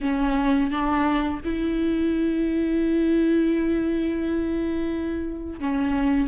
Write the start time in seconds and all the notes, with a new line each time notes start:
0.00 C#4
0.70 D4
1.44 E4
5.59 C#4